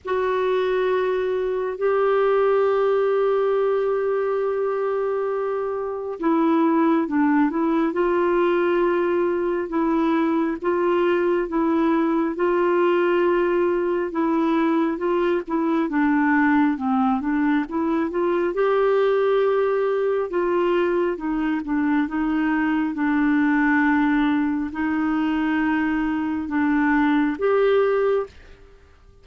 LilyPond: \new Staff \with { instrumentName = "clarinet" } { \time 4/4 \tempo 4 = 68 fis'2 g'2~ | g'2. e'4 | d'8 e'8 f'2 e'4 | f'4 e'4 f'2 |
e'4 f'8 e'8 d'4 c'8 d'8 | e'8 f'8 g'2 f'4 | dis'8 d'8 dis'4 d'2 | dis'2 d'4 g'4 | }